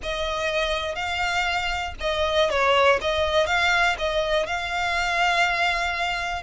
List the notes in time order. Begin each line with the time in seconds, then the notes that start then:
0.02 D#5
0.95 F5
2.00 D#5
2.50 C#5
3.01 D#5
3.46 F5
3.98 D#5
4.46 F5